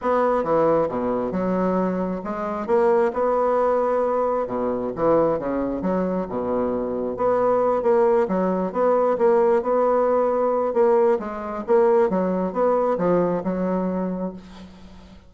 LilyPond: \new Staff \with { instrumentName = "bassoon" } { \time 4/4 \tempo 4 = 134 b4 e4 b,4 fis4~ | fis4 gis4 ais4 b4~ | b2 b,4 e4 | cis4 fis4 b,2 |
b4. ais4 fis4 b8~ | b8 ais4 b2~ b8 | ais4 gis4 ais4 fis4 | b4 f4 fis2 | }